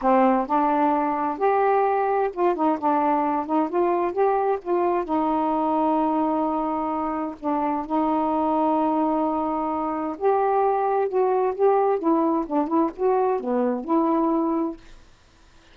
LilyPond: \new Staff \with { instrumentName = "saxophone" } { \time 4/4 \tempo 4 = 130 c'4 d'2 g'4~ | g'4 f'8 dis'8 d'4. dis'8 | f'4 g'4 f'4 dis'4~ | dis'1 |
d'4 dis'2.~ | dis'2 g'2 | fis'4 g'4 e'4 d'8 e'8 | fis'4 b4 e'2 | }